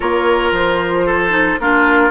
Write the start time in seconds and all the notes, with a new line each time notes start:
0.00 A#3 F4 A#4 C#5
0.51 F3 C5
1.06 A4
1.29 D#4
1.59 A#3 D4 F4 A#4